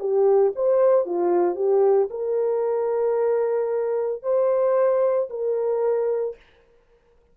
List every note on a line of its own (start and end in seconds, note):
0.00 0.53 G4
0.56 1.06 C5
1.06 1.56 F4
1.56 2.09 G4
2.11 4.23 A#4
4.23 5.29 C5
5.30 6.37 A#4